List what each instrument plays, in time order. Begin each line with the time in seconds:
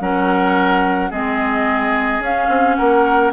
0.00 bassoon F#3, clarinet C#4, oboe A#4, flute F#5
1.10 bassoon G#3, clarinet C4, oboe G#4, flute D#5
2.19 bassoon C#4, clarinet C#4, flute F5
2.48 bassoon C4
2.75 bassoon A#3, oboe A#4, flute F#5